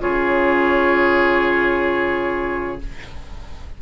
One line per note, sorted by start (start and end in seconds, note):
0.00 2.81 C#3
0.00 2.79 F4
0.00 2.82 G#4
0.00 2.81 C#5